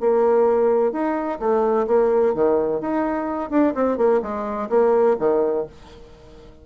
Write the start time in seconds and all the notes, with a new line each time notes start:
0.00 A#3
0.92 D#4
1.39 A3
1.87 A#3
2.34 D#3
2.80 D#4
3.50 D4
3.74 C4
3.97 A#3
4.22 G#3
4.69 A#3
5.19 D#3